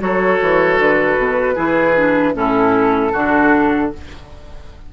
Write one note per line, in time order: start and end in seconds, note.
0.00 0.40 F#3
0.00 1.56 F#4
0.00 1.55 A4
0.00 0.80 C#5
0.42 0.79 E3
0.79 1.17 D3
0.79 2.36 B4
1.17 1.56 B2
1.55 2.35 E3
1.55 1.95 E4
1.55 2.33 G#4
1.97 2.34 D4
2.34 3.12 A2
2.34 3.12 C#4
2.34 3.12 E4
2.34 3.92 A4
3.12 3.92 D3
3.12 3.93 D4
3.12 3.90 F#4